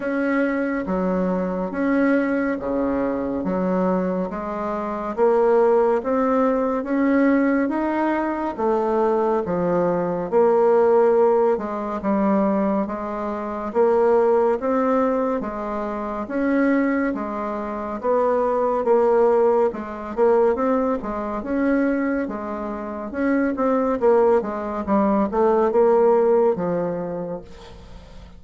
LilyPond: \new Staff \with { instrumentName = "bassoon" } { \time 4/4 \tempo 4 = 70 cis'4 fis4 cis'4 cis4 | fis4 gis4 ais4 c'4 | cis'4 dis'4 a4 f4 | ais4. gis8 g4 gis4 |
ais4 c'4 gis4 cis'4 | gis4 b4 ais4 gis8 ais8 | c'8 gis8 cis'4 gis4 cis'8 c'8 | ais8 gis8 g8 a8 ais4 f4 | }